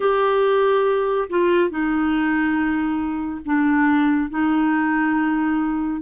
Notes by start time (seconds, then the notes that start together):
0.00 G4
1.29 F4
1.69 D#4
3.45 D4
4.30 D#4